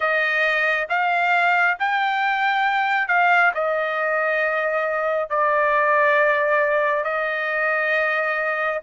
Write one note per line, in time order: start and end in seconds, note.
0.00 0.87 D#5
0.89 1.77 F5
1.79 3.08 G5
3.08 3.52 F5
3.54 5.29 D#5
5.29 7.03 D5
7.03 8.80 D#5